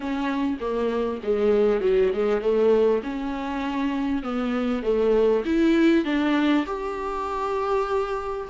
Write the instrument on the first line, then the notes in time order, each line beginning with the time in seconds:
viola
0.00 C#4
0.60 A#3
1.23 G#3
1.80 F#3
2.13 G#3
2.41 A3
3.03 C#4
4.22 B3
4.83 A3
5.45 E4
6.04 D4
6.66 G4